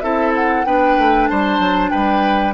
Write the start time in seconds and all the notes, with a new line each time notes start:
0.00 C4 E4 A4 E5
0.35 F#5
0.65 B3 D4 B4 G5
0.98 A3
1.28 G3 C5 A5
1.59 F#3
1.90 G3 B4 G5